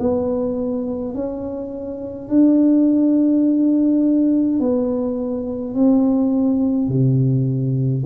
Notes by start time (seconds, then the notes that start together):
0.00 B3
1.15 C#4
2.29 D4
4.60 B3
5.75 C4
6.88 C3